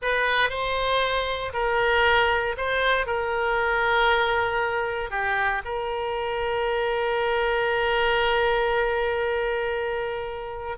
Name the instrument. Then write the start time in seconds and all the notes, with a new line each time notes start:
oboe
0.02 B4
0.49 C5
1.53 A#4
2.57 C5
3.06 A#4
5.10 G4
5.64 A#4